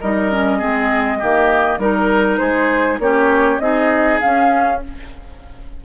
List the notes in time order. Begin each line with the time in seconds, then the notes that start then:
0.00 G3 D#4 A#4 D#5
0.31 C#4
0.58 G#3 C4 G#4
1.19 D#3 A#3 G4
1.78 G3 D#4 A#4
2.37 G#3 G#4 C5
2.98 A#3 C#4 G4 C#5
3.59 C4 D#4 G#4 D#5
4.20 C#4 F5